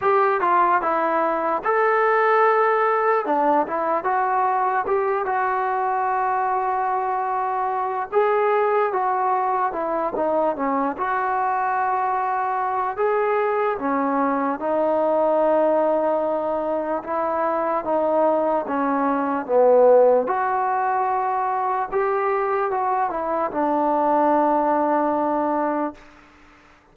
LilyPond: \new Staff \with { instrumentName = "trombone" } { \time 4/4 \tempo 4 = 74 g'8 f'8 e'4 a'2 | d'8 e'8 fis'4 g'8 fis'4.~ | fis'2 gis'4 fis'4 | e'8 dis'8 cis'8 fis'2~ fis'8 |
gis'4 cis'4 dis'2~ | dis'4 e'4 dis'4 cis'4 | b4 fis'2 g'4 | fis'8 e'8 d'2. | }